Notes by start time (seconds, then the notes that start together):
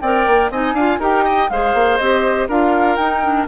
0.00 C4 A#4 D5 G5
0.27 A#3
0.50 C4 D#4 D#5 G#5
0.73 D4 F4 F5
0.99 D#4 G4 A#4 G5
1.25 D#5
1.50 G#3 G#4 C5 F5
1.74 A#3
1.97 C4 G4 D#5
2.48 D4 F4 A#4 F5
2.96 D#4 G5
3.22 D4